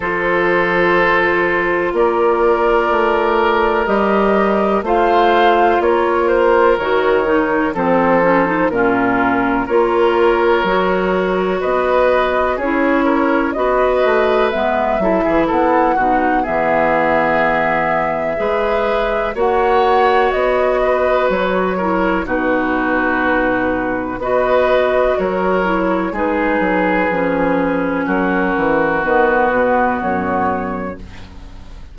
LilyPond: <<
  \new Staff \with { instrumentName = "flute" } { \time 4/4 \tempo 4 = 62 c''2 d''2 | dis''4 f''4 cis''8 c''8 cis''4 | c''4 ais'4 cis''2 | dis''4 cis''4 dis''4 e''4 |
fis''4 e''2. | fis''4 dis''4 cis''4 b'4~ | b'4 dis''4 cis''4 b'4~ | b'4 ais'4 b'4 cis''4 | }
  \new Staff \with { instrumentName = "oboe" } { \time 4/4 a'2 ais'2~ | ais'4 c''4 ais'2 | a'4 f'4 ais'2 | b'4 gis'8 ais'8 b'4. a'16 gis'16 |
a'8 fis'8 gis'2 b'4 | cis''4. b'4 ais'8 fis'4~ | fis'4 b'4 ais'4 gis'4~ | gis'4 fis'2. | }
  \new Staff \with { instrumentName = "clarinet" } { \time 4/4 f'1 | g'4 f'2 fis'8 dis'8 | c'8 cis'16 dis'16 cis'4 f'4 fis'4~ | fis'4 e'4 fis'4 b8 e'8~ |
e'8 dis'8 b2 gis'4 | fis'2~ fis'8 e'8 dis'4~ | dis'4 fis'4. e'8 dis'4 | cis'2 b2 | }
  \new Staff \with { instrumentName = "bassoon" } { \time 4/4 f2 ais4 a4 | g4 a4 ais4 dis4 | f4 ais,4 ais4 fis4 | b4 cis'4 b8 a8 gis8 fis16 e16 |
b8 b,8 e2 gis4 | ais4 b4 fis4 b,4~ | b,4 b4 fis4 gis8 fis8 | f4 fis8 e8 dis8 b,8 fis,4 | }
>>